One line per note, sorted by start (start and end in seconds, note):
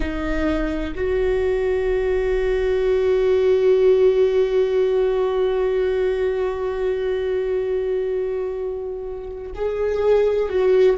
0.00 0.94 D#4
0.95 9.52 F#4
9.55 10.49 G#4
10.49 10.97 F#4